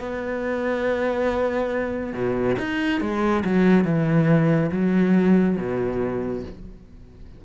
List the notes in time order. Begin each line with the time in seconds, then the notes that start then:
0.00 B3
2.14 B2
2.59 D#4
3.01 G#3
3.45 F#3
3.85 E3
4.72 F#3
5.58 B2